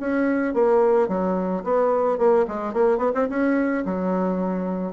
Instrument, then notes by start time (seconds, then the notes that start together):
bassoon
0.00 C#4
0.54 A#3
1.08 F#3
1.64 B3
2.18 A#3
2.48 G#3
2.74 A#3
2.98 B3
3.15 C4
3.29 C#4
3.86 F#3